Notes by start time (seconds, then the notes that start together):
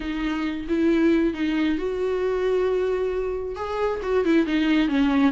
0.00 D#4
0.68 E4
1.33 D#4
1.78 F#4
3.55 G#4
4.02 F#4
4.24 E4
4.46 D#4
4.88 C#4